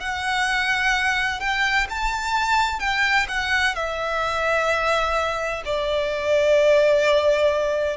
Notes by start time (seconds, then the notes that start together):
0.00 F#5
1.40 G5
1.90 A5
2.80 G5
3.29 F#5
3.75 E5
5.65 D5